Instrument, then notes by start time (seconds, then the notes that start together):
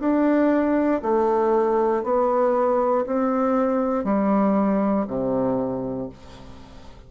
bassoon
0.00 D4
1.03 A3
2.04 B3
3.06 C4
4.05 G3
5.08 C3